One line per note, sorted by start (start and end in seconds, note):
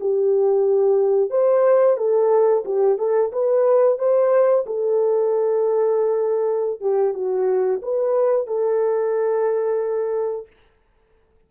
0.00 1.30 G4
1.30 1.97 C5
1.97 2.64 A4
2.65 2.98 G4
2.98 3.31 A4
3.32 3.98 B4
3.98 4.65 C5
4.66 6.80 A4
6.80 7.14 G4
7.14 7.80 F#4
7.82 8.47 B4
8.47 10.47 A4